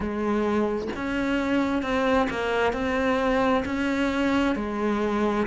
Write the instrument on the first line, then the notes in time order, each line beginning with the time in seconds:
cello
0.00 G#3
0.95 C#4
1.82 C4
2.30 A#3
2.73 C4
3.65 C#4
4.55 G#3